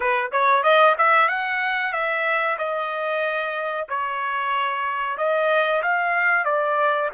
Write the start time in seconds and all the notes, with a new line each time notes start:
0.00 B4
0.31 C#5
0.63 D#5
0.98 E5
1.28 F#5
1.92 E5
2.58 D#5
3.88 C#5
5.17 D#5
5.82 F5
6.45 D5